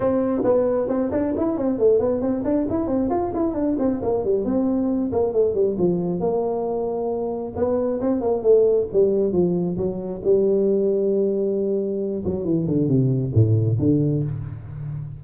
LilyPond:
\new Staff \with { instrumentName = "tuba" } { \time 4/4 \tempo 4 = 135 c'4 b4 c'8 d'8 e'8 c'8 | a8 b8 c'8 d'8 e'8 c'8 f'8 e'8 | d'8 c'8 ais8 g8 c'4. ais8 | a8 g8 f4 ais2~ |
ais4 b4 c'8 ais8 a4 | g4 f4 fis4 g4~ | g2.~ g8 fis8 | e8 d8 c4 a,4 d4 | }